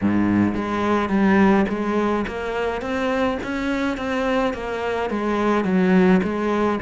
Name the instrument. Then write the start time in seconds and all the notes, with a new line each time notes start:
cello
0.01 G#2
0.54 G#3
1.09 G3
1.69 G#3
2.27 A#3
2.81 C4
3.43 C#4
3.97 C4
4.53 A#3
5.10 G#3
5.64 F#3
6.23 G#3